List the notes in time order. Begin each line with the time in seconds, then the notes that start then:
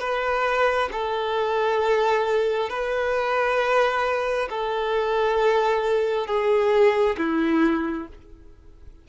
0.00 B4
0.92 A4
2.70 B4
4.50 A4
6.27 G#4
7.18 E4